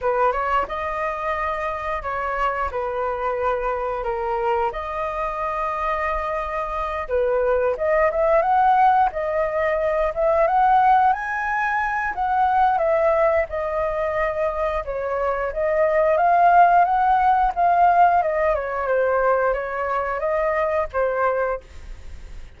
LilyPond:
\new Staff \with { instrumentName = "flute" } { \time 4/4 \tempo 4 = 89 b'8 cis''8 dis''2 cis''4 | b'2 ais'4 dis''4~ | dis''2~ dis''8 b'4 dis''8 | e''8 fis''4 dis''4. e''8 fis''8~ |
fis''8 gis''4. fis''4 e''4 | dis''2 cis''4 dis''4 | f''4 fis''4 f''4 dis''8 cis''8 | c''4 cis''4 dis''4 c''4 | }